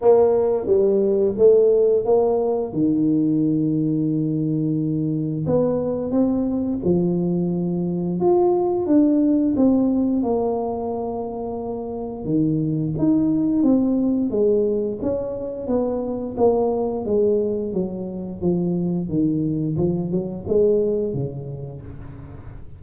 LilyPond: \new Staff \with { instrumentName = "tuba" } { \time 4/4 \tempo 4 = 88 ais4 g4 a4 ais4 | dis1 | b4 c'4 f2 | f'4 d'4 c'4 ais4~ |
ais2 dis4 dis'4 | c'4 gis4 cis'4 b4 | ais4 gis4 fis4 f4 | dis4 f8 fis8 gis4 cis4 | }